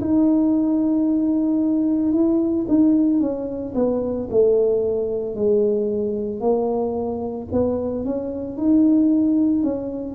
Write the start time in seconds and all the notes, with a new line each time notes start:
0.00 D#4
2.12 E4
2.68 D#4
3.20 C#4
3.75 B3
4.30 A3
5.35 G#3
6.40 A#3
7.52 B3
8.05 C#4
8.57 D#4
9.63 C#4